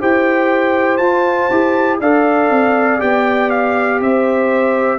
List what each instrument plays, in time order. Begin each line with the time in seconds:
0.00 tuba E4, trombone G4, horn C5, trumpet G5
0.97 tuba F4, trombone F4, trumpet A5
1.50 tuba E4, trombone G4
2.00 tuba D4, trombone A4, horn D5, trumpet F5
2.50 tuba C4
2.99 tuba B3, trombone G4, trumpet G5
3.50 trumpet F5
4.00 tuba C4, horn C5, trumpet E5